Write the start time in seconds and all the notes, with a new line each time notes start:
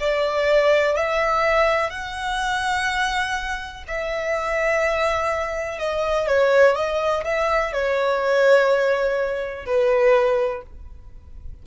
0.00 D5
0.96 E5
1.90 F#5
3.88 E5
5.79 D#5
6.27 C#5
6.76 D#5
7.24 E5
7.73 C#5
9.66 B4